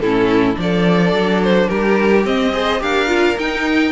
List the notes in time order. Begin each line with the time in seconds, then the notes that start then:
0.00 A2 C#4 E4 A4
0.55 F3 D4 D5
0.62 A4
1.12 F#3
1.44 C5
1.68 G3 G4 A#4
2.24 C4 D#5
2.53 G#4 C5
2.79 D4 G4 A#4 F5
3.07 F4
3.38 D#4 G5